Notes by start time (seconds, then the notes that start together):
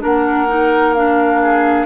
0.00 A#3 D4 A#4 F#5
0.48 D#4
0.94 D4 F5
1.42 G#4